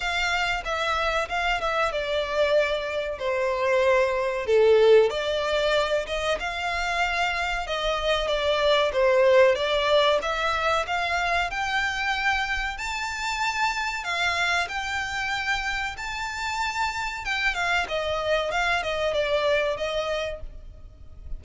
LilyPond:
\new Staff \with { instrumentName = "violin" } { \time 4/4 \tempo 4 = 94 f''4 e''4 f''8 e''8 d''4~ | d''4 c''2 a'4 | d''4. dis''8 f''2 | dis''4 d''4 c''4 d''4 |
e''4 f''4 g''2 | a''2 f''4 g''4~ | g''4 a''2 g''8 f''8 | dis''4 f''8 dis''8 d''4 dis''4 | }